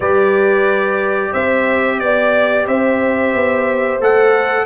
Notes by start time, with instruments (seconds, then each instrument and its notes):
0.00 tuba G3, trombone G4, horn B4, trumpet D5
1.32 tuba C4, horn C5, trumpet E5
1.99 tuba B3, trumpet D5, horn D5
2.66 tuba C4, horn C5, trumpet E5
3.34 tuba B3
4.00 tuba A3, trombone A4, trumpet F#5